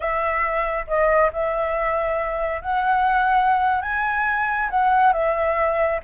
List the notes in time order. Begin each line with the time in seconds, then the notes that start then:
0.00 E5
0.87 D#5
1.33 E5
2.61 F#5
3.81 G#5
4.70 F#5
5.13 E5